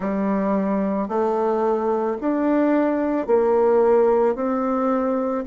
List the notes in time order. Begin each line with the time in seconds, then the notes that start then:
0.00 G3
1.08 A3
2.21 D4
3.27 A#3
4.35 C4